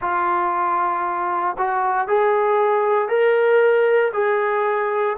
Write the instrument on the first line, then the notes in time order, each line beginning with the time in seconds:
trombone
0.00 F4
1.58 F#4
2.07 G#4
3.08 A#4
4.13 G#4